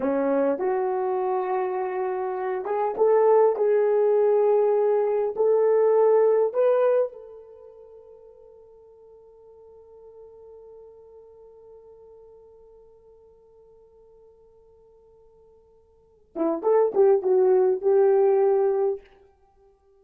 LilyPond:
\new Staff \with { instrumentName = "horn" } { \time 4/4 \tempo 4 = 101 cis'4 fis'2.~ | fis'8 gis'8 a'4 gis'2~ | gis'4 a'2 b'4 | a'1~ |
a'1~ | a'1~ | a'2.~ a'8 e'8 | a'8 g'8 fis'4 g'2 | }